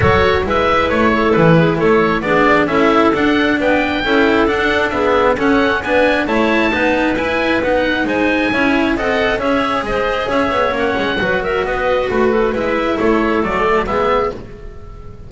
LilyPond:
<<
  \new Staff \with { instrumentName = "oboe" } { \time 4/4 \tempo 4 = 134 cis''4 e''4 cis''4 b'4 | cis''4 d''4 e''4 fis''4 | g''2 fis''4 e''4 | fis''4 gis''4 a''2 |
gis''4 fis''4 gis''2 | fis''4 e''4 dis''4 e''4 | fis''4. e''8 dis''4 b'4 | e''4 cis''4 d''4 e''4 | }
  \new Staff \with { instrumentName = "clarinet" } { \time 4/4 a'4 b'4. a'4 gis'8 | a'4 gis'4 a'2 | b'4 a'2 gis'4 | a'4 b'4 cis''4 b'4~ |
b'2 c''4 cis''4 | dis''4 cis''4 c''4 cis''4~ | cis''4 b'8 ais'8 b'4 fis'8 a'8 | b'4 a'2 gis'4 | }
  \new Staff \with { instrumentName = "cello" } { \time 4/4 fis'4 e'2.~ | e'4 d'4 e'4 d'4~ | d'4 e'4 d'4 b4 | cis'4 d'4 e'4 dis'4 |
e'4 dis'2 e'4 | a'4 gis'2. | cis'4 fis'2. | e'2 a4 b4 | }
  \new Staff \with { instrumentName = "double bass" } { \time 4/4 fis4 gis4 a4 e4 | a4 b4 cis'4 d'4 | b4 cis'4 d'2 | cis'4 b4 a4 b4 |
e'4 b4 gis4 cis'4 | c'4 cis'4 gis4 cis'8 b8 | ais8 gis8 fis4 b4 a4 | gis4 a4 fis4 gis4 | }
>>